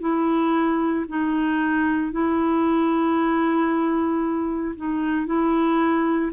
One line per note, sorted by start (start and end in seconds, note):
0.00 1.05 E4
1.08 2.11 D#4
2.11 4.75 E4
4.76 5.26 D#4
5.26 6.31 E4